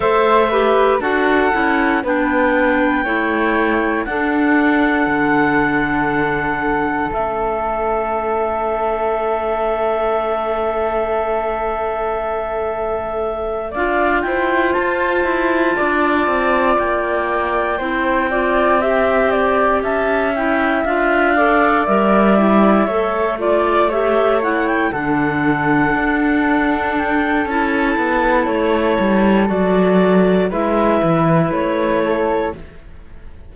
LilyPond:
<<
  \new Staff \with { instrumentName = "clarinet" } { \time 4/4 \tempo 4 = 59 e''4 fis''4 g''2 | fis''2. e''4~ | e''1~ | e''4. f''8 g''8 a''4.~ |
a''8 g''2. a''8 | g''8 f''4 e''4. d''8 e''8 | fis''16 g''16 fis''2 g''8 a''4 | cis''4 d''4 e''4 cis''4 | }
  \new Staff \with { instrumentName = "flute" } { \time 4/4 c''8 b'8 a'4 b'4 cis''4 | a'1~ | a'1~ | a'4. d''8 c''4. d''8~ |
d''4. c''8 d''8 e''8 d''8 e''8~ | e''4 d''4. cis''8 d''8 cis''8~ | cis''8 a'2.~ a'8~ | a'2 b'4. a'8 | }
  \new Staff \with { instrumentName = "clarinet" } { \time 4/4 a'8 g'8 fis'8 e'8 d'4 e'4 | d'2. cis'4~ | cis'1~ | cis'4. f'2~ f'8~ |
f'4. e'8 f'8 g'4. | e'8 f'8 a'8 ais'8 e'8 a'8 f'8 g'8 | e'8 d'2~ d'8 e'4~ | e'4 fis'4 e'2 | }
  \new Staff \with { instrumentName = "cello" } { \time 4/4 a4 d'8 cis'8 b4 a4 | d'4 d2 a4~ | a1~ | a4. d'8 e'8 f'8 e'8 d'8 |
c'8 ais4 c'2 cis'8~ | cis'8 d'4 g4 a4.~ | a8 d4 d'4. cis'8 b8 | a8 g8 fis4 gis8 e8 a4 | }
>>